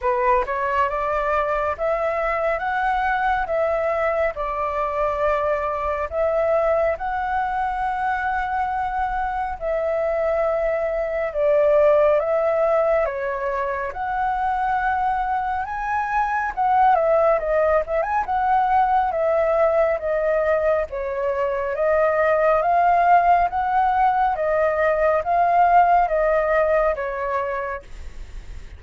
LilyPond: \new Staff \with { instrumentName = "flute" } { \time 4/4 \tempo 4 = 69 b'8 cis''8 d''4 e''4 fis''4 | e''4 d''2 e''4 | fis''2. e''4~ | e''4 d''4 e''4 cis''4 |
fis''2 gis''4 fis''8 e''8 | dis''8 e''16 gis''16 fis''4 e''4 dis''4 | cis''4 dis''4 f''4 fis''4 | dis''4 f''4 dis''4 cis''4 | }